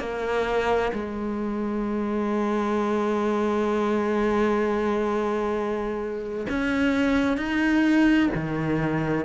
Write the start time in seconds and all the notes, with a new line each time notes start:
0.00 A#3
0.93 G#3
6.49 C#4
7.38 D#4
8.35 D#3